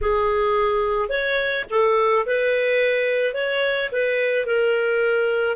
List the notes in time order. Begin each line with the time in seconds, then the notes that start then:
0.01 G#4
1.09 C#5
1.70 A4
2.26 B4
3.33 C#5
3.91 B4
4.45 A#4